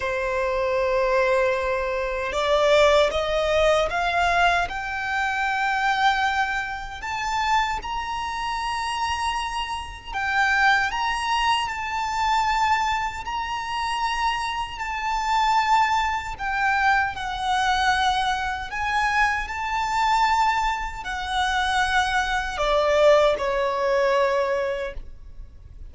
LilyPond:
\new Staff \with { instrumentName = "violin" } { \time 4/4 \tempo 4 = 77 c''2. d''4 | dis''4 f''4 g''2~ | g''4 a''4 ais''2~ | ais''4 g''4 ais''4 a''4~ |
a''4 ais''2 a''4~ | a''4 g''4 fis''2 | gis''4 a''2 fis''4~ | fis''4 d''4 cis''2 | }